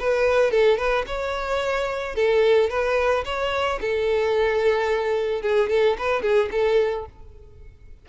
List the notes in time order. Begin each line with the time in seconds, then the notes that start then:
0.00 B4
0.51 A4
0.78 B4
1.07 C#5
2.16 A4
2.70 B4
3.26 C#5
3.82 A4
5.42 G#4
5.70 A4
5.99 B4
6.23 G#4
6.52 A4